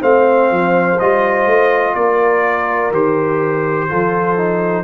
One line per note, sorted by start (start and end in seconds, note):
0.00 0.51 A3
0.00 0.97 C4
0.00 1.94 C5
0.00 0.99 F5
0.51 0.99 F3
0.99 1.46 G3
0.99 2.93 F4
0.99 1.95 D#5
1.46 1.94 A3
1.95 2.91 A#3
1.95 3.89 A#4
1.95 2.91 D5
2.91 3.87 D#3
2.91 3.89 G4
2.91 4.84 C5
3.89 4.84 F3
3.89 4.36 F4
3.89 4.84 A4
4.36 4.84 D#4